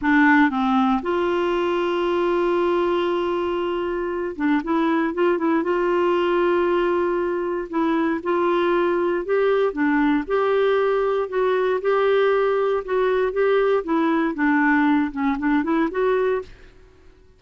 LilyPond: \new Staff \with { instrumentName = "clarinet" } { \time 4/4 \tempo 4 = 117 d'4 c'4 f'2~ | f'1~ | f'8 d'8 e'4 f'8 e'8 f'4~ | f'2. e'4 |
f'2 g'4 d'4 | g'2 fis'4 g'4~ | g'4 fis'4 g'4 e'4 | d'4. cis'8 d'8 e'8 fis'4 | }